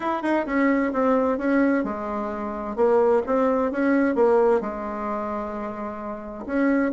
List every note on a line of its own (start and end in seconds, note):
0.00 0.22 E4
0.22 0.45 D#4
0.46 0.92 C#4
0.93 1.37 C4
1.37 1.83 C#4
1.83 2.75 G#3
2.75 3.22 A#3
3.26 3.71 C4
3.71 4.15 C#4
4.15 4.60 A#3
4.60 6.45 G#3
6.46 6.92 C#4